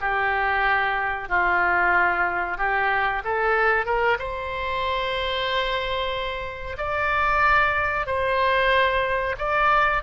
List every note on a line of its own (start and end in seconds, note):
0.00 1.29 G4
1.29 2.57 F4
2.57 3.22 G4
3.24 3.85 A4
3.85 4.18 A#4
4.18 6.77 C5
6.77 8.06 D5
8.06 9.35 C5
9.38 10.02 D5